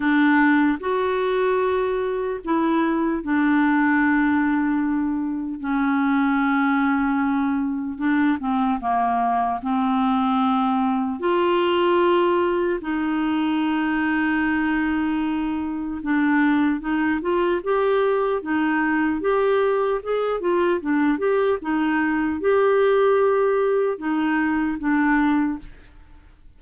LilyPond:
\new Staff \with { instrumentName = "clarinet" } { \time 4/4 \tempo 4 = 75 d'4 fis'2 e'4 | d'2. cis'4~ | cis'2 d'8 c'8 ais4 | c'2 f'2 |
dis'1 | d'4 dis'8 f'8 g'4 dis'4 | g'4 gis'8 f'8 d'8 g'8 dis'4 | g'2 dis'4 d'4 | }